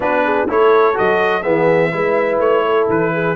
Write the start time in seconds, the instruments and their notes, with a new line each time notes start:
0.00 tuba B3, trombone D4, horn F#4, trumpet B4
0.24 horn G#4
0.48 tuba A3, trombone E4, horn A4, trumpet C#5
0.94 tuba F#3, trombone F#4, trumpet D#5
1.42 tuba E3, trombone B3, horn G#4, trumpet E5
1.91 tuba G#3, trombone E4, horn B4
2.38 tuba A3, trumpet C#5
2.65 horn A4
2.89 tuba E3, trumpet B4
3.13 horn G#4